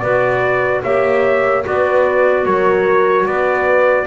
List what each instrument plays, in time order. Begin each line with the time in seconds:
0.00 double bass B3, clarinet F#4, horn B4, trumpet D5
0.83 double bass A#3, clarinet G4, horn C#5, trumpet E5
1.64 double bass B3, clarinet F#4, horn B4, trumpet D5
2.45 double bass F#3, horn A#4, trumpet C#5
3.26 double bass B3, horn B4, trumpet D5